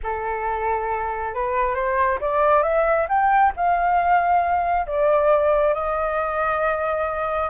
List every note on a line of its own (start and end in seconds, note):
0.03 1.34 A4
1.34 1.74 B4
1.74 2.18 C5
2.20 2.62 D5
2.62 3.07 E5
3.08 3.53 G5
3.56 4.86 F5
4.86 5.74 D5
5.74 7.49 D#5